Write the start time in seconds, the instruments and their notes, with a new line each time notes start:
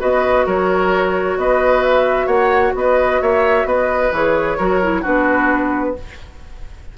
0.00 bassoon B3, clarinet F#4, oboe B4, flute D#5
0.46 bassoon F#3, oboe A#4, flute C#5
1.37 bassoon B3, oboe B4, flute D#5
1.83 flute E5
2.27 bassoon A#3, oboe C#5, flute F#5
2.75 bassoon B3, oboe B4, flute D#5
3.22 bassoon A#3, oboe C#5, flute E5
3.65 bassoon B3, oboe B4, flute D#5
4.12 bassoon E3, clarinet G#4, flute C#5
4.58 bassoon F#3, clarinet F#4, oboe A#4
4.82 clarinet E4
5.02 bassoon B3, clarinet D4, oboe F#4, flute B4